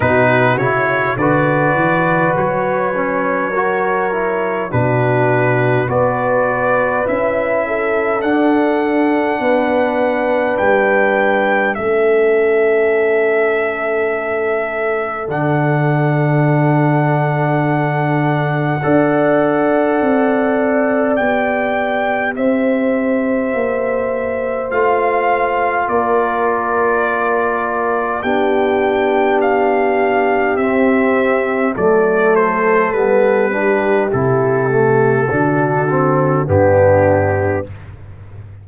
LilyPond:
<<
  \new Staff \with { instrumentName = "trumpet" } { \time 4/4 \tempo 4 = 51 b'8 cis''8 d''4 cis''2 | b'4 d''4 e''4 fis''4~ | fis''4 g''4 e''2~ | e''4 fis''2.~ |
fis''2 g''4 e''4~ | e''4 f''4 d''2 | g''4 f''4 e''4 d''8 c''8 | b'4 a'2 g'4 | }
  \new Staff \with { instrumentName = "horn" } { \time 4/4 fis'4 b'2 ais'4 | fis'4 b'4. a'4. | b'2 a'2~ | a'1 |
d''2. c''4~ | c''2 ais'2 | g'2. a'4~ | a'8 g'4. fis'4 d'4 | }
  \new Staff \with { instrumentName = "trombone" } { \time 4/4 dis'8 e'8 fis'4. cis'8 fis'8 e'8 | d'4 fis'4 e'4 d'4~ | d'2 cis'2~ | cis'4 d'2. |
a'2 g'2~ | g'4 f'2. | d'2 c'4 a4 | b8 d'8 e'8 a8 d'8 c'8 b4 | }
  \new Staff \with { instrumentName = "tuba" } { \time 4/4 b,8 cis8 d8 e8 fis2 | b,4 b4 cis'4 d'4 | b4 g4 a2~ | a4 d2. |
d'4 c'4 b4 c'4 | ais4 a4 ais2 | b2 c'4 fis4 | g4 c4 d4 g,4 | }
>>